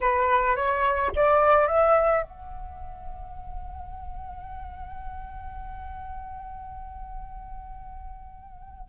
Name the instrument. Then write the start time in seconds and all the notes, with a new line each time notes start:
flute
0.00 B4
0.56 C#5
1.15 D5
1.67 E5
2.22 F#5